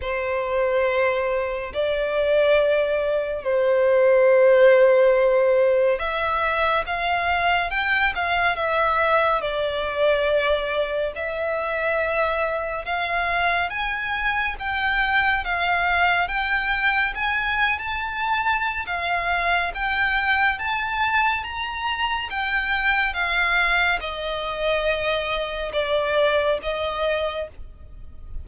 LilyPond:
\new Staff \with { instrumentName = "violin" } { \time 4/4 \tempo 4 = 70 c''2 d''2 | c''2. e''4 | f''4 g''8 f''8 e''4 d''4~ | d''4 e''2 f''4 |
gis''4 g''4 f''4 g''4 | gis''8. a''4~ a''16 f''4 g''4 | a''4 ais''4 g''4 f''4 | dis''2 d''4 dis''4 | }